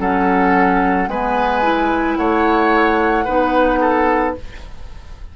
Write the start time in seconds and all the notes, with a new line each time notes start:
0.00 F#3 C#4 A4 F#5
1.08 G#3 B3 B4 G#5
1.63 E4
2.17 A3 C#5 F#5
3.25 B3 D#4 B4
3.81 A4